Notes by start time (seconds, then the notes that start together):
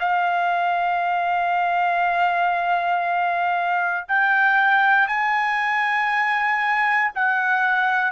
0.00 F5
4.08 G5
5.08 G#5
7.15 F#5